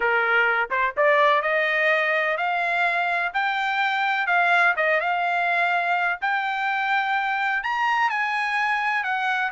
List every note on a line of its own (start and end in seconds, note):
0.00 0.69 A#4
0.70 0.94 C5
0.96 1.42 D5
1.42 2.37 D#5
2.37 3.32 F5
3.33 4.26 G5
4.26 4.74 F5
4.76 5.00 D#5
5.00 6.19 F5
6.21 7.63 G5
7.63 8.10 A#5
8.10 9.03 G#5
9.03 9.51 F#5